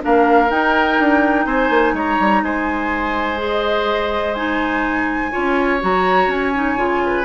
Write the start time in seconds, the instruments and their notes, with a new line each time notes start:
0.00 bassoon A#3, clarinet D4, oboe A#4, flute F5
0.49 clarinet D#4, bassoon D#4, flute G5
0.99 bassoon D4
1.46 bassoon C4, oboe C5, flute G#5
1.70 bassoon A#3
1.93 bassoon G#3, oboe C#5, flute A#5
2.20 bassoon G3
2.42 bassoon G#3, oboe C5, flute G#5
3.37 clarinet G#4
3.44 flute D#5
4.34 clarinet D#4, flute G#5
5.31 bassoon C#4, clarinet F4, oboe C#5
5.80 bassoon F#3, clarinet F#4, flute A#5
6.27 bassoon C#4, flute G#5
6.54 clarinet D#4
6.77 bassoon C#3, clarinet F4
7.06 oboe B4